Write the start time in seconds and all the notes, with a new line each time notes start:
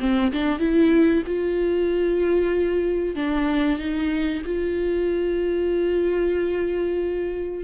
0.00 C4
0.32 D4
0.59 E4
1.26 F4
3.16 D4
3.79 D#4
4.46 F4